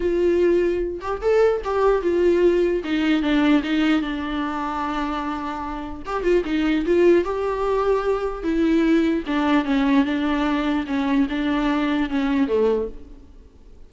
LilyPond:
\new Staff \with { instrumentName = "viola" } { \time 4/4 \tempo 4 = 149 f'2~ f'8 g'8 a'4 | g'4 f'2 dis'4 | d'4 dis'4 d'2~ | d'2. g'8 f'8 |
dis'4 f'4 g'2~ | g'4 e'2 d'4 | cis'4 d'2 cis'4 | d'2 cis'4 a4 | }